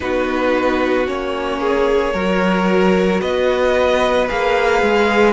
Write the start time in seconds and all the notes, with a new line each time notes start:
0.00 B3 D#4 F#4 B4
1.06 A#3 C#4 C#5
1.60 G#4
2.13 F#3 F#4 A#4
3.20 B3 B4 D#5
4.27 A#3 G#4 F5
4.81 G#3